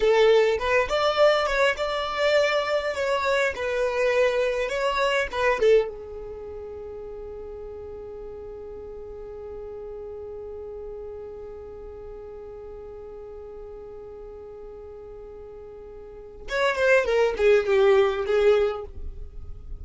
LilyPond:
\new Staff \with { instrumentName = "violin" } { \time 4/4 \tempo 4 = 102 a'4 b'8 d''4 cis''8 d''4~ | d''4 cis''4 b'2 | cis''4 b'8 a'8 gis'2~ | gis'1~ |
gis'1~ | gis'1~ | gis'1 | cis''8 c''8 ais'8 gis'8 g'4 gis'4 | }